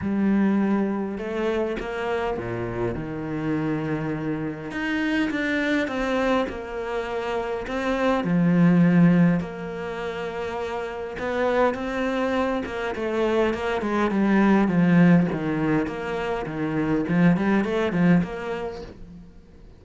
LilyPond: \new Staff \with { instrumentName = "cello" } { \time 4/4 \tempo 4 = 102 g2 a4 ais4 | ais,4 dis2. | dis'4 d'4 c'4 ais4~ | ais4 c'4 f2 |
ais2. b4 | c'4. ais8 a4 ais8 gis8 | g4 f4 dis4 ais4 | dis4 f8 g8 a8 f8 ais4 | }